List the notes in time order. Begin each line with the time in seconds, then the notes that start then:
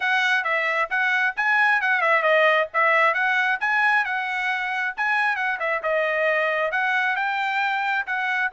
0.00 F#5
0.44 E5
0.90 F#5
1.36 G#5
1.81 F#5
2.01 E5
2.22 D#5
2.73 E5
3.14 F#5
3.60 G#5
4.05 F#5
4.96 G#5
5.35 F#5
5.59 E5
5.82 D#5
6.71 F#5
7.15 G5
8.06 F#5